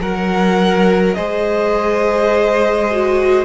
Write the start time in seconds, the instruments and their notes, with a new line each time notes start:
0.00 cello F#3, viola A#4, violin A#4 F#5
1.14 cello G#3, viola G#4, violin C5 D#5
2.91 viola F#4